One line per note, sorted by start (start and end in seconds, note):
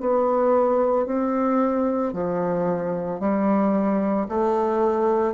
0.00 1.06 B3
1.06 2.13 C4
2.13 3.20 F3
3.20 4.27 G3
4.29 5.34 A3